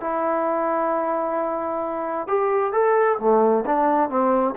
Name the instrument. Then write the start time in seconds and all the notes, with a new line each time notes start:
trombone
0.00 E4
2.27 G4
2.72 A4
3.19 A3
3.66 D4
4.09 C4